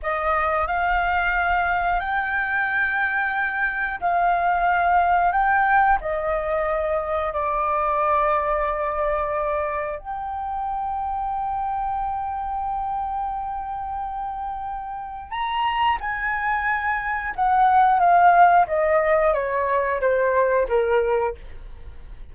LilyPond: \new Staff \with { instrumentName = "flute" } { \time 4/4 \tempo 4 = 90 dis''4 f''2 g''4~ | g''2 f''2 | g''4 dis''2 d''4~ | d''2. g''4~ |
g''1~ | g''2. ais''4 | gis''2 fis''4 f''4 | dis''4 cis''4 c''4 ais'4 | }